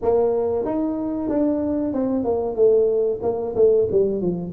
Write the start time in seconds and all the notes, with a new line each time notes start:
0.01 A#3
0.65 D#4
1.29 D4
1.93 C4
2.24 A#3
2.55 A3
3.22 A#3
3.55 A3
3.91 G3
4.21 F3